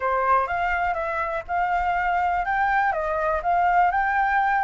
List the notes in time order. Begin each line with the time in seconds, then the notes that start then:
0.00 C5
0.47 F5
0.94 E5
1.47 F5
2.45 G5
2.92 D#5
3.43 F5
3.91 G5